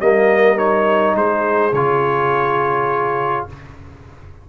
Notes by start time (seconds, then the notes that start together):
0.00 G3 A#3 A#4 D#5
0.57 D#4 C#5
1.15 G#3 G#4 C5
1.72 C#3 F4 C#5